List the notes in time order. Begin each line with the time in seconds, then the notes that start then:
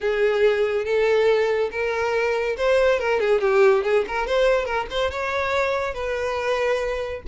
0.01 G#4
0.84 A4
1.71 A#4
2.57 C5
2.99 A#4
3.20 G#4
3.40 G4
3.83 G#4
4.07 A#4
4.26 C5
4.65 A#4
4.90 C5
5.11 C#5
5.94 B4